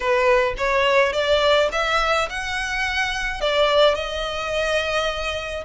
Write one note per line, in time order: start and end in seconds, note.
0.00 0.54 B4
0.57 1.12 C#5
1.12 1.69 D5
1.72 2.28 E5
2.29 3.40 F#5
3.40 3.94 D5
3.94 5.64 D#5